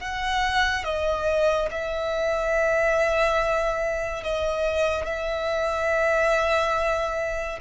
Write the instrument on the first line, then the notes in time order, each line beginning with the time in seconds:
violin
0.00 F#5
0.85 D#5
1.71 E5
4.24 D#5
5.06 E5